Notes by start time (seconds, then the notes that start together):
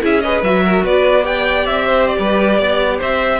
0.00 C#4 E4 G#4 E5
0.20 G#4 B4 D#5
0.42 F#3 F#4 E5
0.65 A#4
0.83 B3 B4 D5
1.22 G4 D5 G5
1.65 C4 E5
1.86 C5
2.07 D5
2.19 G3 B4
2.59 B3 D5
2.98 C4 C5 E5